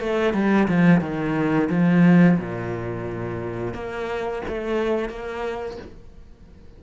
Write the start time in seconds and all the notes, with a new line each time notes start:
0.00 A3
0.33 G3
0.68 F3
1.01 D#3
1.70 F3
2.38 A#2
3.74 A#3
4.48 A3
5.09 A#3